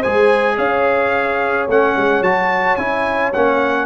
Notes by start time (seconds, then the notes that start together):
0.00 G#3 G#4 C5 G#5
0.57 C#4 C#5 F5
1.68 A3 C#4 F#5
1.97 G#3
2.22 F#3 F#4 A5
2.77 C#4 E4 G#5
3.33 A#3 C#4 F#5